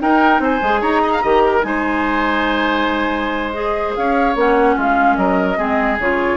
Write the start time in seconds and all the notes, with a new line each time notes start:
0.00 D#4 A#4 G5
0.40 C4 C5 G#5
0.62 G#3 G#4
0.81 D#4 C#5 A#5
1.03 D#5
1.13 F5
1.22 D#3 G4 D#5
1.46 A#4
1.62 G#3 D#4 C5 G#5
3.53 G#4 D#5
3.96 C#4 C#5 F5
4.36 A#3 C#4 F#5
4.76 G#3 F4 F5
5.17 F#3 A#4 D#5
5.57 G#3 C4 G#4
5.99 C#3 F4 C#5